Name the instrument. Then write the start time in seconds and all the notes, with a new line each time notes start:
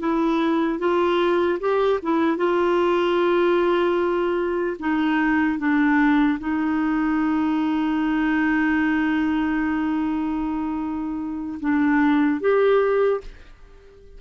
clarinet
0.00 E4
0.79 F4
1.60 G4
2.03 E4
2.37 F4
4.80 D#4
5.59 D4
6.40 D#4
11.61 D4
12.41 G4